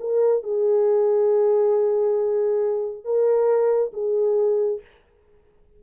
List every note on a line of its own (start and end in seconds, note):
0.00 0.43 A#4
0.43 3.04 G#4
3.04 3.92 A#4
3.93 4.81 G#4